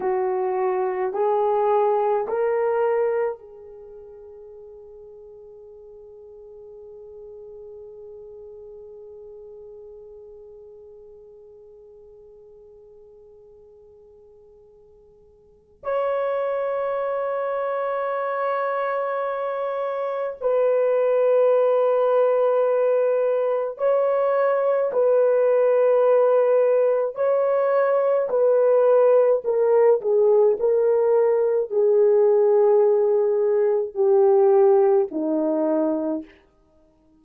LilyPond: \new Staff \with { instrumentName = "horn" } { \time 4/4 \tempo 4 = 53 fis'4 gis'4 ais'4 gis'4~ | gis'1~ | gis'1~ | gis'2 cis''2~ |
cis''2 b'2~ | b'4 cis''4 b'2 | cis''4 b'4 ais'8 gis'8 ais'4 | gis'2 g'4 dis'4 | }